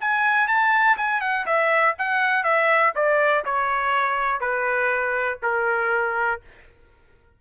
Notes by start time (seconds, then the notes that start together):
0.00 G#5
0.47 A5
0.97 G#5
1.20 F#5
1.46 E5
1.98 F#5
2.43 E5
2.95 D5
3.44 C#5
4.40 B4
5.42 A#4